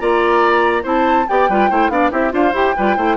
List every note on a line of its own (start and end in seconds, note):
0.00 0.85 A#3
0.00 0.83 F4
0.00 0.84 D5
0.00 0.85 A#5
0.83 1.27 C4
0.83 1.26 E4
0.83 1.26 C5
0.83 1.28 A5
1.28 1.49 B3
1.28 1.51 G4
1.28 1.50 D5
1.28 1.91 G5
1.49 1.71 G3
1.49 1.71 F4
1.49 1.70 B4
1.70 1.90 A3
1.70 1.91 E4
1.70 1.92 C5
1.90 2.11 B3
1.90 2.11 D4
1.90 2.12 D5
1.90 2.12 F5
2.11 2.33 C4
2.11 2.31 E4
2.11 2.33 G4
2.11 2.34 E5
2.31 2.53 D4
2.31 2.52 F4
2.31 2.76 C5
2.31 2.56 F5
2.53 2.74 E4
2.53 2.75 G4
2.53 3.17 G5
2.77 2.97 G3
2.77 2.97 F4
2.77 2.97 B4
2.97 3.17 A3
2.97 3.17 E4
2.97 3.17 C5